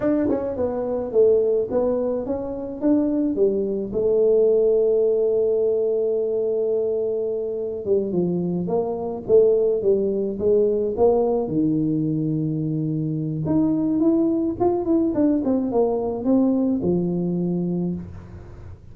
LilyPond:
\new Staff \with { instrumentName = "tuba" } { \time 4/4 \tempo 4 = 107 d'8 cis'8 b4 a4 b4 | cis'4 d'4 g4 a4~ | a1~ | a2 g8 f4 ais8~ |
ais8 a4 g4 gis4 ais8~ | ais8 dis2.~ dis8 | dis'4 e'4 f'8 e'8 d'8 c'8 | ais4 c'4 f2 | }